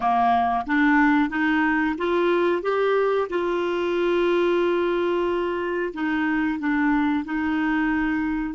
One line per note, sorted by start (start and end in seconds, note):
0.00 0.65 A#3
0.66 1.29 D4
1.29 1.95 D#4
1.98 2.62 F4
2.62 3.28 G4
3.29 5.93 F4
5.93 6.59 D#4
6.59 7.24 D4
7.24 8.54 D#4